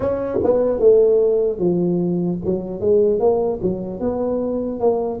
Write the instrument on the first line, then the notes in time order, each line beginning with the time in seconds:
tuba
0.00 C#4
0.43 B3
0.79 A3
1.58 F3
2.44 F#3
2.80 G#3
3.19 A#3
3.62 F#3
4.00 B3
4.80 A#3